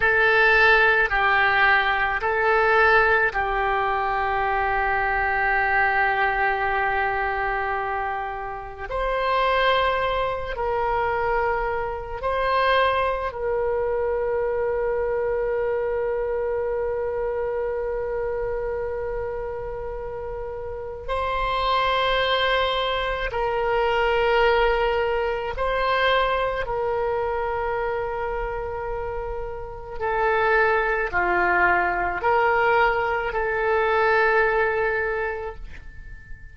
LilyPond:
\new Staff \with { instrumentName = "oboe" } { \time 4/4 \tempo 4 = 54 a'4 g'4 a'4 g'4~ | g'1 | c''4. ais'4. c''4 | ais'1~ |
ais'2. c''4~ | c''4 ais'2 c''4 | ais'2. a'4 | f'4 ais'4 a'2 | }